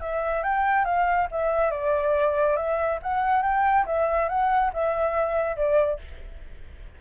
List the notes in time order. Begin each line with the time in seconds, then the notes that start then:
0.00 E5
0.43 G5
0.85 F5
1.31 E5
1.71 D5
2.56 E5
3.02 F#5
3.42 G5
3.86 E5
4.29 F#5
4.73 E5
5.56 D5